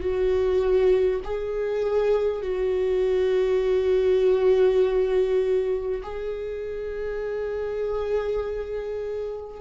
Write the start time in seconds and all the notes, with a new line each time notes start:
0.00 F#4
1.24 G#4
2.42 F#4
6.03 G#4